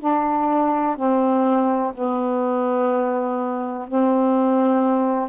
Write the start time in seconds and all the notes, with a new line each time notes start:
0.00 D4
0.97 C4
1.94 B3
3.88 C4